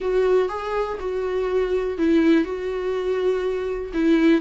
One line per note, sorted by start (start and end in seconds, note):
0.00 0.49 F#4
0.49 0.98 G#4
0.99 1.98 F#4
1.98 2.44 E4
2.44 3.92 F#4
3.93 4.41 E4